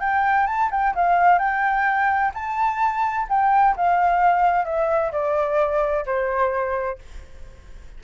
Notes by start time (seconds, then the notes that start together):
0.00 G5
0.47 A5
0.71 G5
0.95 F5
1.39 G5
2.34 A5
3.29 G5
3.76 F5
4.65 E5
5.12 D5
6.06 C5